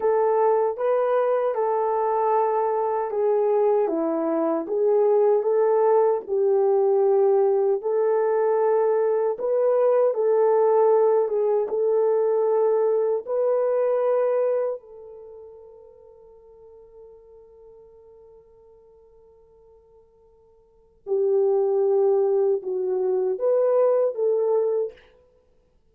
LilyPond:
\new Staff \with { instrumentName = "horn" } { \time 4/4 \tempo 4 = 77 a'4 b'4 a'2 | gis'4 e'4 gis'4 a'4 | g'2 a'2 | b'4 a'4. gis'8 a'4~ |
a'4 b'2 a'4~ | a'1~ | a'2. g'4~ | g'4 fis'4 b'4 a'4 | }